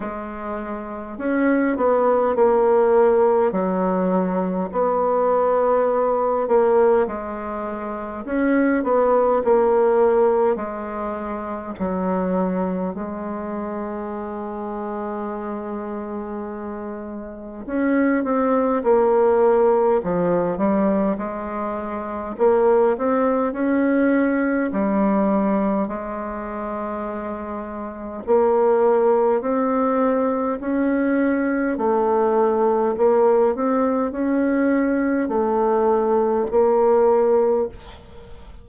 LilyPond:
\new Staff \with { instrumentName = "bassoon" } { \time 4/4 \tempo 4 = 51 gis4 cis'8 b8 ais4 fis4 | b4. ais8 gis4 cis'8 b8 | ais4 gis4 fis4 gis4~ | gis2. cis'8 c'8 |
ais4 f8 g8 gis4 ais8 c'8 | cis'4 g4 gis2 | ais4 c'4 cis'4 a4 | ais8 c'8 cis'4 a4 ais4 | }